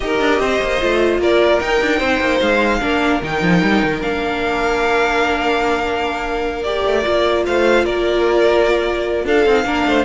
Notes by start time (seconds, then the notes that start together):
0.00 D#4 G4 A#4 D#5
0.20 D4
0.39 C4 C5
0.62 A#3
0.80 A3 F4
1.18 A#3 A#4 D5
1.59 D#4 G5
1.81 D4
1.99 C4 C5
2.20 A#3
2.40 G#3 F5
2.80 A#3 D4 A#4
3.22 D#3 D#4 G5
3.42 F3
3.62 G3
3.83 D#3
4.01 A#3 D4 F5
6.63 G4 D5
6.85 A3
7.03 A#3 F4
7.46 A3 C5 F5
7.85 A#3 A#4 D5
9.24 D4 A4 F5
9.45 C4 D#4
9.64 A#3 D4 A#4
9.86 A3 C5